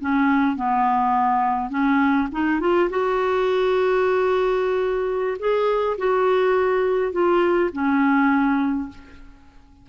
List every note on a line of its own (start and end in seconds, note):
0.00 0.56 C#4
0.56 1.69 B3
1.69 2.28 C#4
2.31 2.60 D#4
2.60 2.89 F4
2.90 5.37 F#4
5.39 5.97 G#4
5.98 7.12 F#4
7.12 7.70 F4
7.72 8.89 C#4